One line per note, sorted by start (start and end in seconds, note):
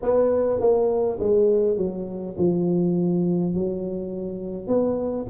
0.02 0.59 B3
0.59 1.18 A#3
1.19 1.77 G#3
1.77 2.36 F#3
2.38 3.54 F3
3.54 4.67 F#3
4.67 5.26 B3